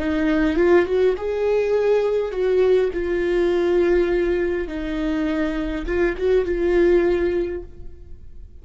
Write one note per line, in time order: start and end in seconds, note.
0.00 0.57 D#4
0.57 0.86 F4
0.86 1.16 F#4
1.18 2.32 G#4
2.32 2.91 F#4
2.94 4.68 F4
4.68 5.86 D#4
5.87 6.16 F4
6.18 6.46 F#4
6.46 7.64 F4